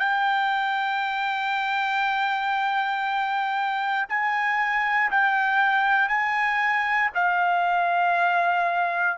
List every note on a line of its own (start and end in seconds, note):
0.00 4.07 G5
4.10 5.11 G#5
5.11 6.09 G5
6.09 7.10 G#5
7.15 9.18 F5